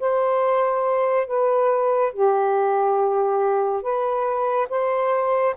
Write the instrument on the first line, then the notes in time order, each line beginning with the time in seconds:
saxophone
0.00 C5
1.27 B4
2.13 G4
3.82 B4
4.70 C5